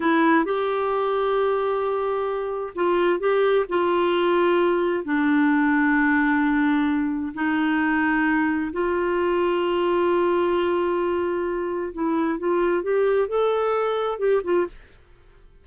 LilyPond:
\new Staff \with { instrumentName = "clarinet" } { \time 4/4 \tempo 4 = 131 e'4 g'2.~ | g'2 f'4 g'4 | f'2. d'4~ | d'1 |
dis'2. f'4~ | f'1~ | f'2 e'4 f'4 | g'4 a'2 g'8 f'8 | }